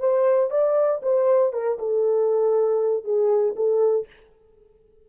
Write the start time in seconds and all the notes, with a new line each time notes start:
0.00 C5
0.51 D5
1.03 C5
1.53 A#4
1.79 A4
3.04 G#4
3.56 A4